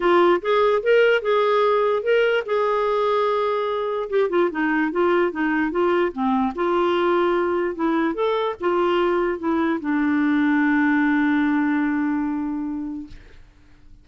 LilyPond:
\new Staff \with { instrumentName = "clarinet" } { \time 4/4 \tempo 4 = 147 f'4 gis'4 ais'4 gis'4~ | gis'4 ais'4 gis'2~ | gis'2 g'8 f'8 dis'4 | f'4 dis'4 f'4 c'4 |
f'2. e'4 | a'4 f'2 e'4 | d'1~ | d'1 | }